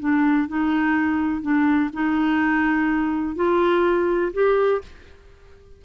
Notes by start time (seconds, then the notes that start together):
0.00 D4
0.48 D#4
1.42 D4
1.94 D#4
3.36 F4
4.34 G4